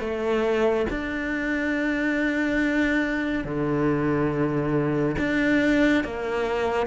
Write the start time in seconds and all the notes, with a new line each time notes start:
0.00 A3
0.90 D4
3.44 D3
5.18 D4
6.04 A#3